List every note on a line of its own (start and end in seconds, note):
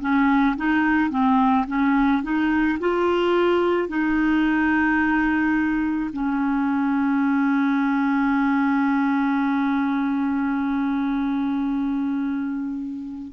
0.00 0.56 C#4
0.56 1.10 D#4
1.10 1.65 C4
1.67 2.22 C#4
2.22 2.78 D#4
2.79 3.88 F4
3.88 6.10 D#4
6.12 13.33 C#4